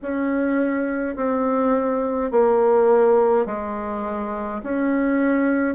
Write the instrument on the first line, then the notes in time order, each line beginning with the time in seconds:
bassoon
0.02 C#4
1.15 C4
2.31 A#3
3.46 G#3
4.63 C#4